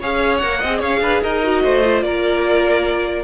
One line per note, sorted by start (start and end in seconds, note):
0.00 0.43 C#4
0.00 0.42 G#4
0.00 0.60 C#5
0.00 0.37 F5
0.37 0.63 A#3
0.37 0.63 A#4
0.37 0.77 F#5
0.60 0.81 C4
0.60 1.43 G#4
0.60 0.79 D#5
0.79 1.00 C#4
0.79 1.00 C#5
0.79 1.22 F5
1.00 1.21 D4
1.00 1.22 B4
1.22 1.63 D#4
1.22 1.62 A#4
1.22 2.02 D#5
1.43 1.83 F#4
1.63 2.02 A3
1.63 2.04 C5
1.83 3.24 F4
2.02 3.24 A#3
2.02 3.24 A#4
2.02 3.24 D5